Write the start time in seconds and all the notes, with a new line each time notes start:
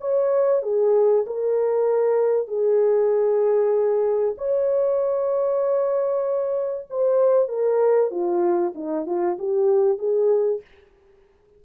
0.00 C#5
0.62 G#4
1.26 A#4
2.47 G#4
4.37 C#5
6.90 C5
7.48 A#4
8.11 F4
8.75 D#4
9.06 F4
9.39 G4
9.98 G#4